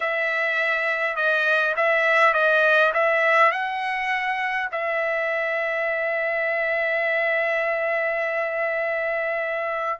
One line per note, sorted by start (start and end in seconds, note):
0.00 1.16 E5
1.16 1.75 D#5
1.76 2.33 E5
2.33 2.92 D#5
2.93 3.51 E5
3.51 4.69 F#5
4.71 9.99 E5